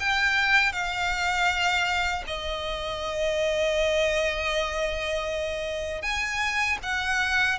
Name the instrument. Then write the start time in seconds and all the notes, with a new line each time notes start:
violin
0.00 G5
0.72 F5
2.27 D#5
6.02 G#5
6.83 F#5